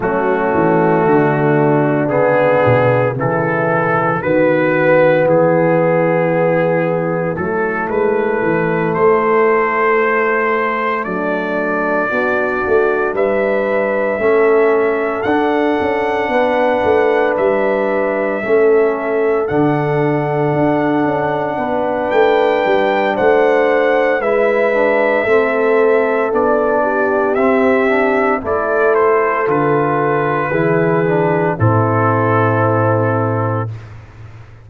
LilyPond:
<<
  \new Staff \with { instrumentName = "trumpet" } { \time 4/4 \tempo 4 = 57 fis'2 gis'4 a'4 | b'4 gis'2 a'8 b'8~ | b'8 c''2 d''4.~ | d''8 e''2 fis''4.~ |
fis''8 e''2 fis''4.~ | fis''4 g''4 fis''4 e''4~ | e''4 d''4 e''4 d''8 c''8 | b'2 a'2 | }
  \new Staff \with { instrumentName = "horn" } { \time 4/4 cis'4 d'2 e'4 | fis'4 e'2.~ | e'2~ e'8 d'4 fis'8~ | fis'8 b'4 a'2 b'8~ |
b'4. a'2~ a'8~ | a'8 b'4. c''4 b'4 | a'4. g'4. a'4~ | a'4 gis'4 e'2 | }
  \new Staff \with { instrumentName = "trombone" } { \time 4/4 a2 b4 e4 | b2. a4~ | a2.~ a8 d'8~ | d'4. cis'4 d'4.~ |
d'4. cis'4 d'4.~ | d'2. e'8 d'8 | c'4 d'4 c'8 d'8 e'4 | f'4 e'8 d'8 c'2 | }
  \new Staff \with { instrumentName = "tuba" } { \time 4/4 fis8 e8 d4 cis8 b,8 cis4 | dis4 e2 fis8 gis8 | e8 a2 fis4 b8 | a8 g4 a4 d'8 cis'8 b8 |
a8 g4 a4 d4 d'8 | cis'8 b8 a8 g8 a4 gis4 | a4 b4 c'4 a4 | d4 e4 a,2 | }
>>